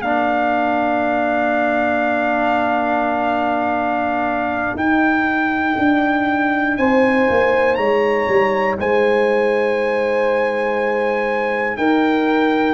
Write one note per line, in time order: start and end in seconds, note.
0.00 4.75 A#3
0.00 4.78 D4
0.00 6.78 A#4
0.00 4.76 F5
4.75 5.75 D#4
4.75 12.74 D#4
4.75 6.77 G5
5.78 6.78 D4
6.77 7.28 C4
6.77 7.78 C5
6.77 7.75 G#5
7.29 7.77 A#3
7.75 8.27 G#3
7.75 8.78 C#5
7.75 8.75 A#5
8.28 8.78 G3
8.79 11.77 G#3
8.79 11.79 C5
8.79 11.77 G#5
11.77 12.74 D#4
11.77 12.74 A#4
11.77 12.74 G5